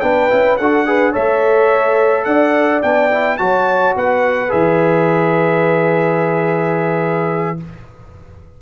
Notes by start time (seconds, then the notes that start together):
0.00 B3 D4 B4 G5
0.29 C#4 E4
0.57 D4 F#4 A4 F#5
0.85 G#4 B4
1.12 A3 A4 C#5 E5
2.24 D4 D5 F#5
2.82 B3 D4 G5
3.11 E4
3.37 F#3 F#4 C#5 A5
3.95 B3 B4 F#5
4.48 E3 G#4 E5